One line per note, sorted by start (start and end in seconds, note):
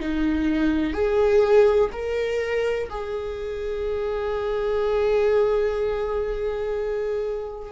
0.00 0.93 D#4
0.93 1.90 G#4
1.93 2.89 A#4
2.90 7.72 G#4